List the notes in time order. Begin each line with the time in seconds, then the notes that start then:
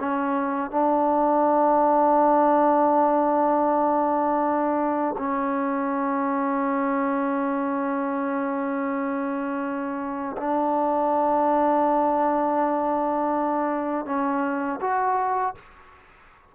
0.00 C#4
0.71 D4
5.18 C#4
10.38 D4
14.06 C#4
14.81 F#4